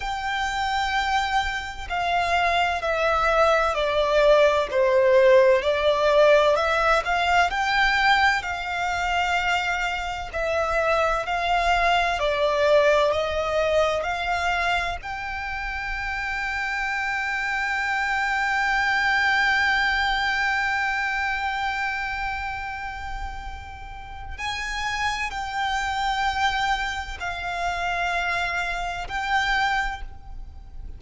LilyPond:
\new Staff \with { instrumentName = "violin" } { \time 4/4 \tempo 4 = 64 g''2 f''4 e''4 | d''4 c''4 d''4 e''8 f''8 | g''4 f''2 e''4 | f''4 d''4 dis''4 f''4 |
g''1~ | g''1~ | g''2 gis''4 g''4~ | g''4 f''2 g''4 | }